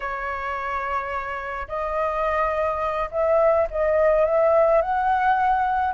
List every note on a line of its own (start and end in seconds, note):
0.00 1.67 C#5
1.67 3.09 D#5
3.11 3.67 E5
3.70 4.25 D#5
4.25 4.81 E5
4.81 5.94 F#5